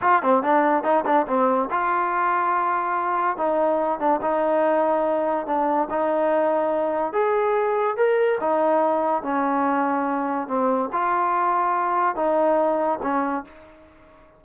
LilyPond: \new Staff \with { instrumentName = "trombone" } { \time 4/4 \tempo 4 = 143 f'8 c'8 d'4 dis'8 d'8 c'4 | f'1 | dis'4. d'8 dis'2~ | dis'4 d'4 dis'2~ |
dis'4 gis'2 ais'4 | dis'2 cis'2~ | cis'4 c'4 f'2~ | f'4 dis'2 cis'4 | }